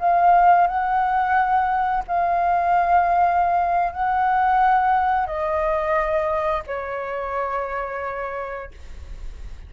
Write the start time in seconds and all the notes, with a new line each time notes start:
0.00 F5
0.68 F#5
2.08 F5
3.93 F#5
5.27 D#5
6.67 C#5